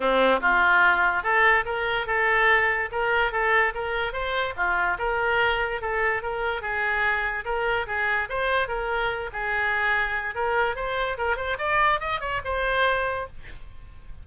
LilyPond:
\new Staff \with { instrumentName = "oboe" } { \time 4/4 \tempo 4 = 145 c'4 f'2 a'4 | ais'4 a'2 ais'4 | a'4 ais'4 c''4 f'4 | ais'2 a'4 ais'4 |
gis'2 ais'4 gis'4 | c''4 ais'4. gis'4.~ | gis'4 ais'4 c''4 ais'8 c''8 | d''4 dis''8 cis''8 c''2 | }